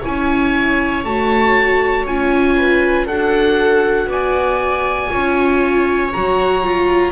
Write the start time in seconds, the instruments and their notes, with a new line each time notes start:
0.00 double bass C#4, viola E4 C#5, oboe G#5
1.04 double bass A3, viola F#4, oboe A5
2.06 double bass C#4, viola F4, oboe G#5
2.57 viola B4
3.06 double bass D4, viola F#4 A4, oboe F#5
4.06 double bass B3, viola D5, oboe G#5
5.09 double bass C#4, viola F4 C#5
6.13 double bass F#3, viola F#4, oboe A#5
6.63 viola F4